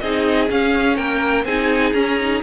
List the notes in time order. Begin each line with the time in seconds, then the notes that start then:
0.00 C4 D#4 G#4 D#5
0.49 C#4 F5
0.96 A#3 A#4 G5
1.45 C4 D#4 G#4 G#5
1.93 C#4 A#5
2.21 D#4